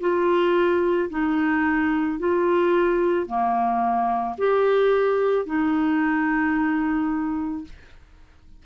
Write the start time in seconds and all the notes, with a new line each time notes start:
0.00 F4
1.10 D#4
2.19 F4
3.26 A#3
4.38 G4
5.46 D#4